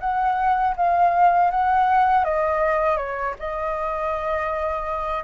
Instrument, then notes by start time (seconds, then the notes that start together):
flute
0.00 F#5
0.76 F5
1.51 F#5
2.24 D#5
2.97 C#5
3.39 D#5